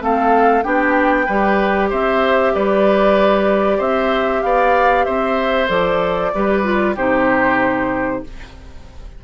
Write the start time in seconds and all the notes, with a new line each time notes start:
0.00 A3 C4 A4 F5
0.62 B3 D4 G4 G5
1.25 G3 G4 B4
1.89 C4 C5 E5
2.54 G3 B4 D5
3.77 C4 C5 E5
4.42 B3 D5 F5
5.04 C4 C5 E5
5.67 F3 A4 D5
6.34 G3 G4 B4
6.63 F4
6.95 C3 D#4 G4 C5